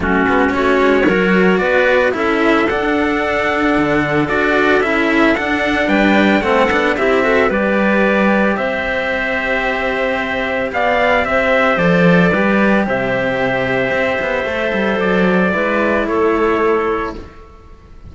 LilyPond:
<<
  \new Staff \with { instrumentName = "trumpet" } { \time 4/4 \tempo 4 = 112 fis'4 cis''2 d''4 | e''4 fis''2. | d''4 e''4 fis''4 g''4 | fis''4 e''4 d''2 |
e''1 | f''4 e''4 d''2 | e''1 | d''2 cis''2 | }
  \new Staff \with { instrumentName = "clarinet" } { \time 4/4 cis'4 fis'4 ais'4 b'4 | a'1~ | a'2. b'4 | a'4 g'8 a'8 b'2 |
c''1 | d''4 c''2 b'4 | c''1~ | c''4 b'4 a'2 | }
  \new Staff \with { instrumentName = "cello" } { \time 4/4 a8 b8 cis'4 fis'2 | e'4 d'2. | fis'4 e'4 d'2 | c'8 d'8 e'8 fis'8 g'2~ |
g'1~ | g'2 a'4 g'4~ | g'2. a'4~ | a'4 e'2. | }
  \new Staff \with { instrumentName = "cello" } { \time 4/4 fis8 gis8 a8 gis8 fis4 b4 | cis'4 d'2 d4 | d'4 cis'4 d'4 g4 | a8 b8 c'4 g2 |
c'1 | b4 c'4 f4 g4 | c2 c'8 b8 a8 g8 | fis4 gis4 a2 | }
>>